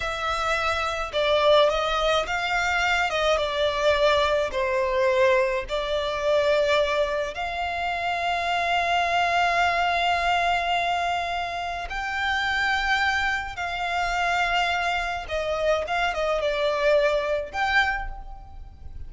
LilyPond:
\new Staff \with { instrumentName = "violin" } { \time 4/4 \tempo 4 = 106 e''2 d''4 dis''4 | f''4. dis''8 d''2 | c''2 d''2~ | d''4 f''2.~ |
f''1~ | f''4 g''2. | f''2. dis''4 | f''8 dis''8 d''2 g''4 | }